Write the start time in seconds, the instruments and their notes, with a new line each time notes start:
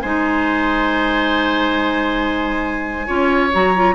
0.00 bassoon G#3, clarinet D#4, oboe C5, flute G#5
3.07 bassoon C#4, clarinet F4, oboe C#5
3.53 bassoon F#3, clarinet F#4, flute A#5
3.76 clarinet F4